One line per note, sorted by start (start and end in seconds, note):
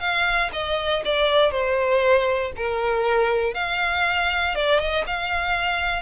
0.00 0.50 F5
0.53 1.03 D#5
1.05 1.51 D5
1.51 2.52 C5
2.56 3.55 A#4
3.55 4.55 F5
4.55 4.80 D5
4.80 5.05 D#5
5.07 6.03 F5